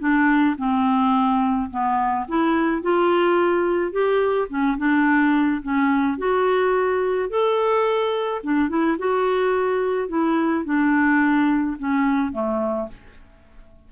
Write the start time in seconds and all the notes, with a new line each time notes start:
0.00 D4
0.58 C4
1.71 B3
2.28 E4
2.82 F4
3.92 G4
4.49 C#4
4.78 D4
5.63 C#4
6.18 F#4
7.30 A4
8.44 D4
8.69 E4
8.98 F#4
10.09 E4
10.65 D4
11.79 C#4
12.33 A3